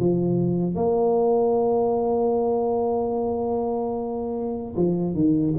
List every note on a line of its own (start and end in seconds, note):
0.00 0.75 F3
0.75 4.75 A#3
4.76 5.15 F3
5.15 5.55 D#3